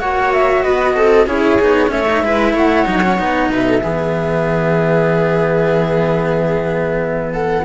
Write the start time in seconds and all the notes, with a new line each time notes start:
0.00 A#3 F#4 C#5 F#5
0.33 E5
0.63 B3 B4 D#5
0.95 C4 A4
1.27 C#4 E4 G#4 C#5
1.61 B3 D#4
1.88 A3 C#4 C#5 E5
2.08 D#4
2.22 G#3 E4 B4
2.53 A3 C#5 F#5
2.86 F#3 D#4
3.02 C#4
3.18 B3 D#4
3.49 B2 B4 E5
3.67 A4
3.83 E3 B3 G#4
7.34 A4 F#5